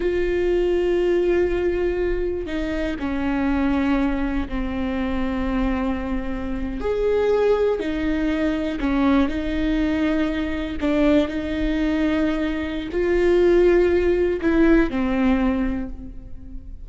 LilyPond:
\new Staff \with { instrumentName = "viola" } { \time 4/4 \tempo 4 = 121 f'1~ | f'4 dis'4 cis'2~ | cis'4 c'2.~ | c'4.~ c'16 gis'2 dis'16~ |
dis'4.~ dis'16 cis'4 dis'4~ dis'16~ | dis'4.~ dis'16 d'4 dis'4~ dis'16~ | dis'2 f'2~ | f'4 e'4 c'2 | }